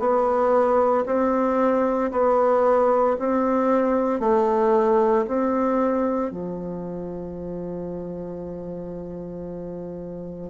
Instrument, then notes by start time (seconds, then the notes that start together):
bassoon
0.00 B3
1.06 C4
2.11 B3
3.19 C4
4.21 A3
5.28 C4
6.32 F3